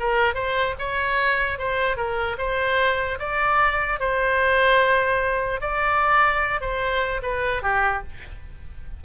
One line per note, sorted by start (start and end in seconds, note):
0.00 0.35 A#4
0.35 0.75 C5
0.79 1.59 C#5
1.59 1.97 C5
1.97 2.37 A#4
2.38 3.19 C5
3.19 4.00 D5
4.00 5.61 C5
5.61 6.61 D5
6.61 7.22 C5
7.23 7.63 B4
7.63 8.03 G4